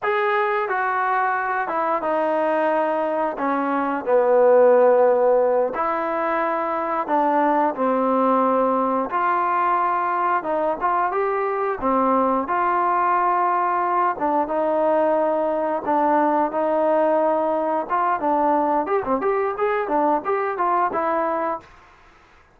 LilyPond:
\new Staff \with { instrumentName = "trombone" } { \time 4/4 \tempo 4 = 89 gis'4 fis'4. e'8 dis'4~ | dis'4 cis'4 b2~ | b8 e'2 d'4 c'8~ | c'4. f'2 dis'8 |
f'8 g'4 c'4 f'4.~ | f'4 d'8 dis'2 d'8~ | d'8 dis'2 f'8 d'4 | g'16 c'16 g'8 gis'8 d'8 g'8 f'8 e'4 | }